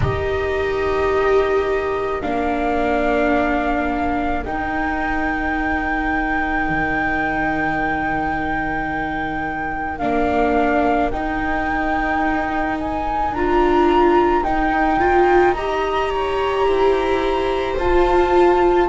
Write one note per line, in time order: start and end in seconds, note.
0.00 2.22 D#4
0.00 2.22 G4
0.00 15.56 A#4
0.00 2.21 D#5
2.21 4.45 A#3
2.21 4.44 D4
2.21 4.44 F5
4.44 9.99 D#4
4.44 6.69 D#4
4.44 9.98 G5
6.69 10.01 D#3
9.98 11.12 A#3
9.98 11.10 D4
9.98 11.09 F5
11.10 13.30 D#4
11.10 13.35 D#4
11.10 12.77 G5
12.78 13.34 G#5
13.30 14.41 D4
13.30 14.44 F4
13.30 14.43 A#5
14.43 14.99 D#4
14.43 16.63 D#4
14.43 15.53 G5
14.99 15.55 F4
15.53 17.78 G4
15.53 16.10 D#5
15.53 17.75 A#5
16.10 16.65 C#5
16.63 17.74 E4
16.63 18.88 C5
17.77 18.88 F4
17.77 18.88 A5